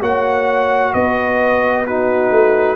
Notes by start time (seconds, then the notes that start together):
0.00 A#3 F#4 C#5 F#5
0.93 B3 B4 D#5
1.86 D#4 F#4 B4
2.31 A3